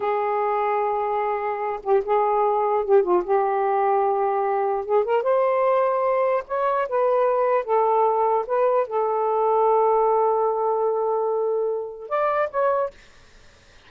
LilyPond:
\new Staff \with { instrumentName = "saxophone" } { \time 4/4 \tempo 4 = 149 gis'1~ | gis'8 g'8 gis'2 g'8 f'8 | g'1 | gis'8 ais'8 c''2. |
cis''4 b'2 a'4~ | a'4 b'4 a'2~ | a'1~ | a'2 d''4 cis''4 | }